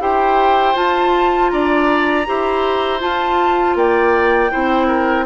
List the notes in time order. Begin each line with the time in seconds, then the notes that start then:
0.00 E4 G4 C5 G5
0.75 F4 A5
1.50 D4 D5 A#5
2.27 E4 G4 C5
3.00 F4 A5
3.75 A#3 D5 G5
4.51 C4 E4 C5
4.88 A#4